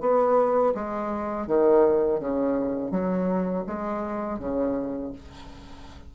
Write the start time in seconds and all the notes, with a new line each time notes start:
0.00 B3
0.74 G#3
1.47 D#3
2.20 C#3
2.91 F#3
3.66 G#3
4.39 C#3